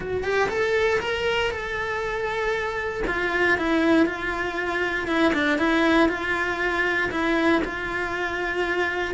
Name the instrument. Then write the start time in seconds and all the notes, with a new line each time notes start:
cello
0.00 F#4
0.23 G4
0.49 A4
1.00 A#4
1.50 A4
3.07 F4
3.58 E4
4.06 F4
5.07 E4
5.33 D4
5.58 E4
6.08 F4
7.11 E4
7.64 F4